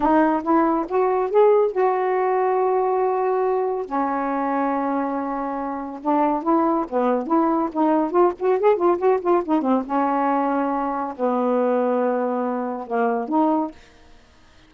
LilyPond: \new Staff \with { instrumentName = "saxophone" } { \time 4/4 \tempo 4 = 140 dis'4 e'4 fis'4 gis'4 | fis'1~ | fis'4 cis'2.~ | cis'2 d'4 e'4 |
b4 e'4 dis'4 f'8 fis'8 | gis'8 f'8 fis'8 f'8 dis'8 c'8 cis'4~ | cis'2 b2~ | b2 ais4 dis'4 | }